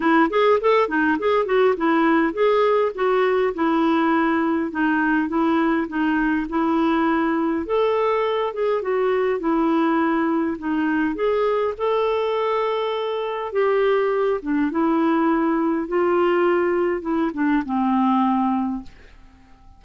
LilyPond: \new Staff \with { instrumentName = "clarinet" } { \time 4/4 \tempo 4 = 102 e'8 gis'8 a'8 dis'8 gis'8 fis'8 e'4 | gis'4 fis'4 e'2 | dis'4 e'4 dis'4 e'4~ | e'4 a'4. gis'8 fis'4 |
e'2 dis'4 gis'4 | a'2. g'4~ | g'8 d'8 e'2 f'4~ | f'4 e'8 d'8 c'2 | }